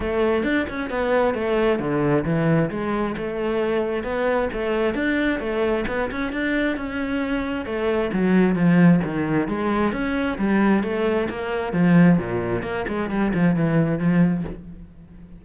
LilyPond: \new Staff \with { instrumentName = "cello" } { \time 4/4 \tempo 4 = 133 a4 d'8 cis'8 b4 a4 | d4 e4 gis4 a4~ | a4 b4 a4 d'4 | a4 b8 cis'8 d'4 cis'4~ |
cis'4 a4 fis4 f4 | dis4 gis4 cis'4 g4 | a4 ais4 f4 ais,4 | ais8 gis8 g8 f8 e4 f4 | }